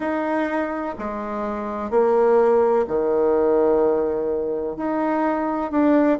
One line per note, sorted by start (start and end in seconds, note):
0.00 0.95 D#4
0.98 1.90 G#3
1.90 2.85 A#3
2.87 4.77 D#3
4.77 5.71 D#4
5.71 6.18 D4